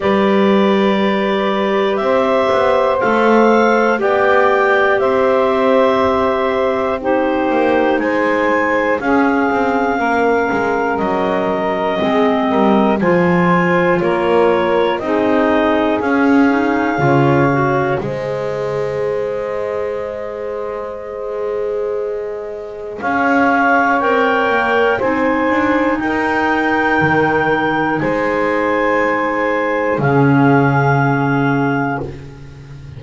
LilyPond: <<
  \new Staff \with { instrumentName = "clarinet" } { \time 4/4 \tempo 4 = 60 d''2 e''4 f''4 | g''4 e''2 c''4 | gis''4 f''2 dis''4~ | dis''4 gis''4 cis''4 dis''4 |
f''2 dis''2~ | dis''2. f''4 | g''4 gis''4 g''2 | gis''2 f''2 | }
  \new Staff \with { instrumentName = "saxophone" } { \time 4/4 b'2 c''2 | d''4 c''2 g'4 | c''4 gis'4 ais'2 | gis'8 ais'8 c''4 ais'4 gis'4~ |
gis'4 cis''4 c''2~ | c''2. cis''4~ | cis''4 c''4 ais'2 | c''2 gis'2 | }
  \new Staff \with { instrumentName = "clarinet" } { \time 4/4 g'2. a'4 | g'2. dis'4~ | dis'4 cis'2. | c'4 f'2 dis'4 |
cis'8 dis'8 f'8 fis'8 gis'2~ | gis'1 | ais'4 dis'2.~ | dis'2 cis'2 | }
  \new Staff \with { instrumentName = "double bass" } { \time 4/4 g2 c'8 b8 a4 | b4 c'2~ c'8 ais8 | gis4 cis'8 c'8 ais8 gis8 fis4 | gis8 g8 f4 ais4 c'4 |
cis'4 cis4 gis2~ | gis2. cis'4 | c'8 ais8 c'8 d'8 dis'4 dis4 | gis2 cis2 | }
>>